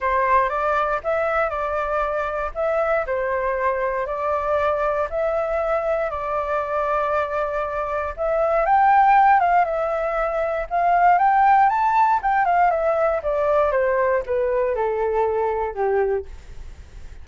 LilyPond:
\new Staff \with { instrumentName = "flute" } { \time 4/4 \tempo 4 = 118 c''4 d''4 e''4 d''4~ | d''4 e''4 c''2 | d''2 e''2 | d''1 |
e''4 g''4. f''8 e''4~ | e''4 f''4 g''4 a''4 | g''8 f''8 e''4 d''4 c''4 | b'4 a'2 g'4 | }